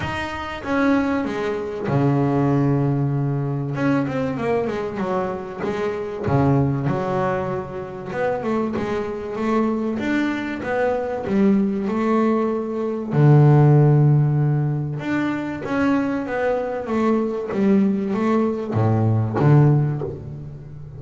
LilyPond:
\new Staff \with { instrumentName = "double bass" } { \time 4/4 \tempo 4 = 96 dis'4 cis'4 gis4 cis4~ | cis2 cis'8 c'8 ais8 gis8 | fis4 gis4 cis4 fis4~ | fis4 b8 a8 gis4 a4 |
d'4 b4 g4 a4~ | a4 d2. | d'4 cis'4 b4 a4 | g4 a4 a,4 d4 | }